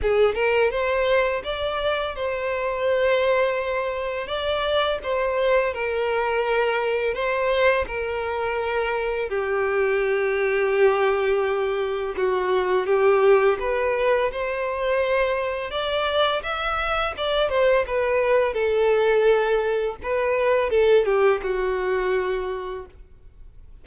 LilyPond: \new Staff \with { instrumentName = "violin" } { \time 4/4 \tempo 4 = 84 gis'8 ais'8 c''4 d''4 c''4~ | c''2 d''4 c''4 | ais'2 c''4 ais'4~ | ais'4 g'2.~ |
g'4 fis'4 g'4 b'4 | c''2 d''4 e''4 | d''8 c''8 b'4 a'2 | b'4 a'8 g'8 fis'2 | }